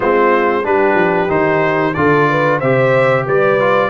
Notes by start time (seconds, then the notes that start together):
0.00 G#3 C4 F4 C5
0.63 G3 D4 G4 B4
0.94 F3
1.28 D#3 D#4 C5
1.93 D3 F4 A4 D5
2.29 B4
2.58 C3 G4 C5 E5
3.25 G3 B4 D5
3.60 F4